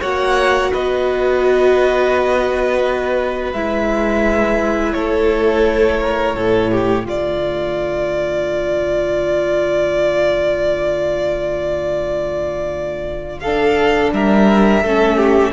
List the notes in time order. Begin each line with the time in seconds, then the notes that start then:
0.00 A#3 F#4 C#5 F#5
0.72 B3 B4 D#5
3.53 G#3 E4 E5
4.93 A3 A4 C#5
6.00 A#4
6.35 A2 A3 A4
6.71 G4
7.05 D3 F4 D5
13.39 A4 F5
13.46 D4
14.13 G3 A#4 E5
14.82 A3 C#4 A4
15.17 G4